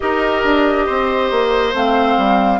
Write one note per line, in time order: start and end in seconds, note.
0.00 0.44 D#4
0.00 1.73 G4
0.00 0.86 A#4
0.00 1.74 D#5
0.44 0.87 D4
0.86 1.30 C4
0.86 2.59 C5
1.30 1.73 A#3
1.73 2.16 A3
1.73 2.59 C4
1.73 2.59 F5
2.17 2.59 G3